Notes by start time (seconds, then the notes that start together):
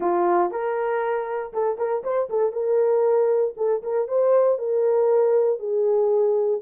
0.00 F4
0.51 A#4
1.53 A4
1.78 A#4
2.03 C5
2.29 A4
2.52 A#4
3.57 A4
3.83 A#4
4.08 C5
4.58 A#4
5.59 G#4